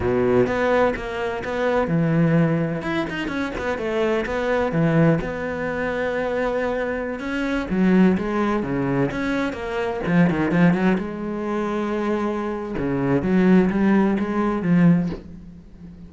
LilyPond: \new Staff \with { instrumentName = "cello" } { \time 4/4 \tempo 4 = 127 b,4 b4 ais4 b4 | e2 e'8 dis'8 cis'8 b8 | a4 b4 e4 b4~ | b2.~ b16 cis'8.~ |
cis'16 fis4 gis4 cis4 cis'8.~ | cis'16 ais4 f8 dis8 f8 fis8 gis8.~ | gis2. cis4 | fis4 g4 gis4 f4 | }